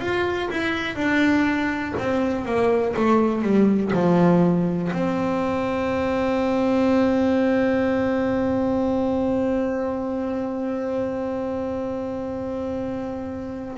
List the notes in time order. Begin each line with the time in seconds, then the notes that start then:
0.00 F4
0.50 E4
0.95 D4
1.98 C4
2.45 A#3
2.96 A3
3.42 G3
3.93 F3
4.92 C4